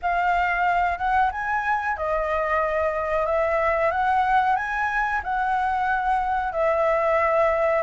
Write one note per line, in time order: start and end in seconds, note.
0.02 0.98 F5
0.98 1.30 F#5
1.31 1.96 G#5
1.96 3.26 D#5
3.26 3.91 E5
3.91 4.56 F#5
4.56 5.21 G#5
5.24 6.52 F#5
6.52 7.82 E5